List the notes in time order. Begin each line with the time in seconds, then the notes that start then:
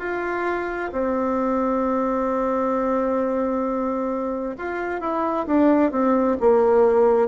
0.00 F4
0.93 C4
4.58 F4
5.01 E4
5.47 D4
5.92 C4
6.40 A#3